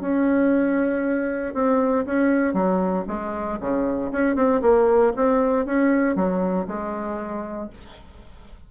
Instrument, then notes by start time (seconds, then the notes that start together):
bassoon
0.00 C#4
1.54 C4
2.06 C#4
2.53 F#3
3.08 G#3
3.60 C#3
4.12 C#4
4.35 C4
4.61 A#3
5.16 C4
5.65 C#4
6.15 F#3
6.67 G#3